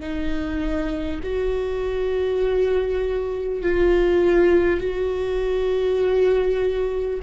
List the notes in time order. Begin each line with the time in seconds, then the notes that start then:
0.00 D#4
1.23 F#4
3.62 F4
4.80 F#4